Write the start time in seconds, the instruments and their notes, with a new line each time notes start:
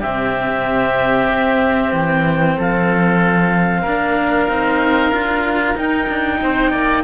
0.00 cello C3 C4, oboe G4, clarinet E5
1.29 cello C4
1.93 cello E3, clarinet G5
2.58 cello F3, oboe A4, clarinet F5
3.82 cello A#3 D4, oboe A#4
4.48 cello C4 D#4
5.12 cello D4 F4
5.75 cello D#4, clarinet G5
6.09 cello D4
6.41 cello C4, oboe C5
6.71 cello A#3, oboe D5